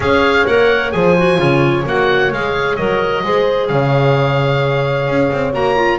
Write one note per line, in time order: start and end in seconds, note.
0.00 0.45 C#4
0.00 0.46 G#4
0.00 0.95 C#5
0.00 0.46 F5
0.46 0.94 A#3
0.46 0.92 A#4
0.46 0.91 F#5
0.91 1.38 F3
0.91 1.15 G#4
0.91 1.38 C5
0.91 1.83 G#5
1.17 1.37 F#4
1.37 1.84 C#3
1.37 1.83 F4
1.37 3.22 C#5
1.85 2.32 A#3
1.85 2.32 F#4
1.85 2.32 F#5
2.32 2.78 G#3
2.32 2.77 G#4
2.32 2.76 F5
2.76 3.23 F#3
2.76 3.23 A#4
2.76 3.67 D#5
3.23 3.69 G#3
3.23 5.53 G#4
3.23 3.70 C5
3.67 5.06 C#3
3.67 5.98 C#5
3.67 5.52 F5
5.06 5.29 C#4
5.32 5.53 C4
5.53 5.98 A#3
5.53 5.75 F#4
5.53 5.98 A#5
5.75 5.98 F4